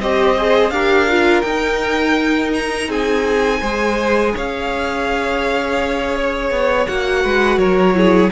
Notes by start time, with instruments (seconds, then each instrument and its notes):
0.00 cello C4, viola G4, violin C5 D#5
0.38 viola G#4
0.70 cello D4, viola G4, violin A#4 F5
1.09 viola F4
1.42 cello D#4, viola D#4, violin G5
2.55 violin A#5
2.89 cello C4, violin G#4 G#5
3.60 cello G#3, viola G#4, violin C5
4.34 cello C#4, violin C#5 F5
6.16 violin C#5
6.51 cello B3
6.87 cello A#3, viola F#4, violin F#5
7.23 cello G#3, violin B4
7.58 cello F#3, violin A#4 C#5
7.95 viola E4, violin G#4